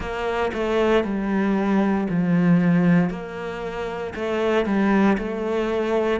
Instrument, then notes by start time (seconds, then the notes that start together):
cello
0.00 A#3
0.53 A3
1.03 G3
2.09 F3
3.10 A#3
4.15 A3
4.65 G3
5.18 A3